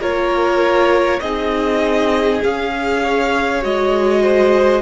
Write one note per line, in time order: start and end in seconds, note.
0.00 1.20 A#3
0.00 1.21 F4
0.00 1.21 A#4
0.00 1.21 C#5
1.21 2.42 C4
1.21 2.43 D#4
1.21 3.03 G#4
1.21 2.41 D#5
2.44 3.64 C#4
2.44 3.62 G#4
2.44 3.64 F5
3.04 4.22 C#5
3.62 4.83 G#3
3.62 4.83 F#4
3.62 4.83 D#5
4.22 4.83 C5